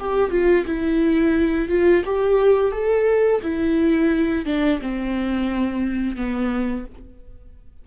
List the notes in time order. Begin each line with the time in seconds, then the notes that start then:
0.00 G4
0.31 F4
0.66 E4
1.69 F4
2.05 G4
2.72 A4
3.43 E4
4.46 D4
4.82 C4
6.17 B3